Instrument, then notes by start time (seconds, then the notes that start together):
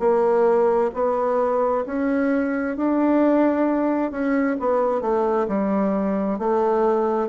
bassoon
0.00 A#3
0.94 B3
1.86 C#4
2.77 D4
4.12 C#4
4.60 B3
5.02 A3
5.48 G3
6.39 A3